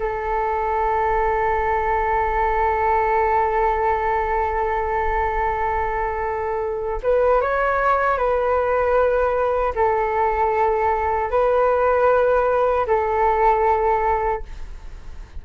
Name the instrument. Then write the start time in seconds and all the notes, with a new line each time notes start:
flute
0.00 A4
7.03 B4
7.41 C#5
8.18 B4
9.75 A4
11.31 B4
12.87 A4